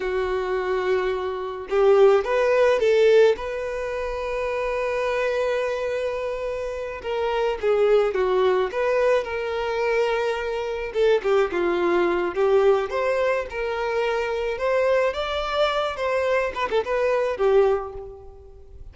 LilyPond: \new Staff \with { instrumentName = "violin" } { \time 4/4 \tempo 4 = 107 fis'2. g'4 | b'4 a'4 b'2~ | b'1~ | b'8 ais'4 gis'4 fis'4 b'8~ |
b'8 ais'2. a'8 | g'8 f'4. g'4 c''4 | ais'2 c''4 d''4~ | d''8 c''4 b'16 a'16 b'4 g'4 | }